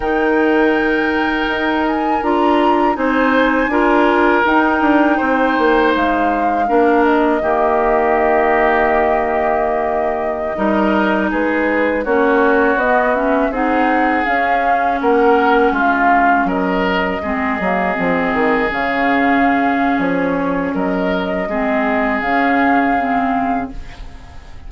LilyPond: <<
  \new Staff \with { instrumentName = "flute" } { \time 4/4 \tempo 4 = 81 g''2~ g''8 gis''8 ais''4 | gis''2 g''2 | f''4. dis''2~ dis''8~ | dis''2.~ dis''16 b'8.~ |
b'16 cis''4 dis''8 e''8 fis''4 f''8.~ | f''16 fis''4 f''4 dis''4.~ dis''16~ | dis''4~ dis''16 f''4.~ f''16 cis''4 | dis''2 f''2 | }
  \new Staff \with { instrumentName = "oboe" } { \time 4/4 ais'1 | c''4 ais'2 c''4~ | c''4 ais'4 g'2~ | g'2~ g'16 ais'4 gis'8.~ |
gis'16 fis'2 gis'4.~ gis'16~ | gis'16 ais'4 f'4 ais'4 gis'8.~ | gis'1 | ais'4 gis'2. | }
  \new Staff \with { instrumentName = "clarinet" } { \time 4/4 dis'2. f'4 | dis'4 f'4 dis'2~ | dis'4 d'4 ais2~ | ais2~ ais16 dis'4.~ dis'16~ |
dis'16 cis'4 b8 cis'8 dis'4 cis'8.~ | cis'2.~ cis'16 c'8 ais16~ | ais16 c'4 cis'2~ cis'8.~ | cis'4 c'4 cis'4 c'4 | }
  \new Staff \with { instrumentName = "bassoon" } { \time 4/4 dis2 dis'4 d'4 | c'4 d'4 dis'8 d'8 c'8 ais8 | gis4 ais4 dis2~ | dis2~ dis16 g4 gis8.~ |
gis16 ais4 b4 c'4 cis'8.~ | cis'16 ais4 gis4 fis4 gis8 fis16~ | fis16 f8 dis8 cis4.~ cis16 f4 | fis4 gis4 cis2 | }
>>